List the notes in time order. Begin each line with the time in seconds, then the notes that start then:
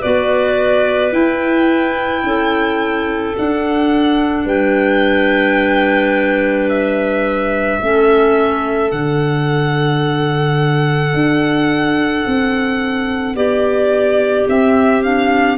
0.00 B3 F#4 B4 D5
1.12 E4 G5
2.23 C#4 A4
3.37 D4 F#5
4.45 G3 B4 G5
6.69 E5
7.81 A3 C#4 A4
8.91 D3 D4 F#5
11.14 D4
12.26 C4
13.35 B3 G4 D5
14.47 C4 E5
15.03 D4 F5